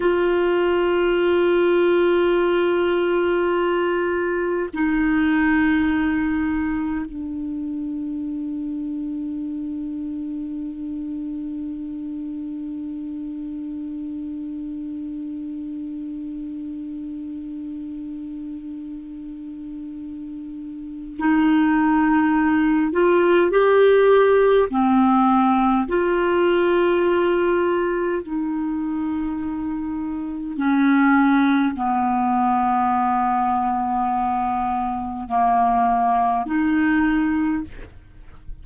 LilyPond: \new Staff \with { instrumentName = "clarinet" } { \time 4/4 \tempo 4 = 51 f'1 | dis'2 d'2~ | d'1~ | d'1~ |
d'2 dis'4. f'8 | g'4 c'4 f'2 | dis'2 cis'4 b4~ | b2 ais4 dis'4 | }